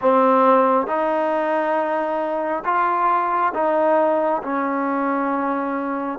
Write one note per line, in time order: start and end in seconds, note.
0.01 0.87 C4
0.87 2.63 D#4
2.64 3.53 F4
3.53 4.42 D#4
4.42 6.19 C#4